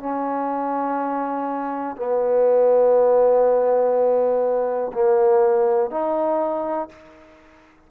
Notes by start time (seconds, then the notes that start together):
0.00 C#4
1.97 B3
4.94 A#3
5.91 D#4